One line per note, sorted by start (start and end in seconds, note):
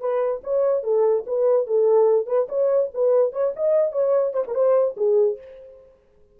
0.00 0.41 B4
0.44 0.83 C#5
0.83 1.25 A4
1.26 1.67 B4
1.67 2.26 A4
2.26 2.47 B4
2.49 2.90 C#5
2.94 3.33 B4
3.33 3.53 C#5
3.56 3.92 D#5
3.92 4.34 C#5
4.34 4.44 C5
4.47 4.54 A#4
4.54 4.96 C5
4.97 5.38 G#4